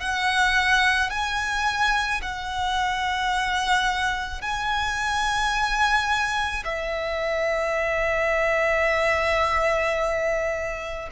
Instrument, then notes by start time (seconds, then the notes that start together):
violin
0.00 F#5
1.10 G#5
2.22 F#5
4.41 G#5
6.65 E5